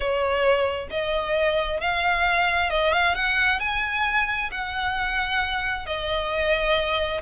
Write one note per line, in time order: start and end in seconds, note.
0.00 0.88 C#5
0.90 1.80 D#5
1.80 2.70 F5
2.70 2.92 D#5
2.92 3.14 F5
3.14 3.59 F#5
3.59 4.49 G#5
4.51 5.86 F#5
5.86 7.21 D#5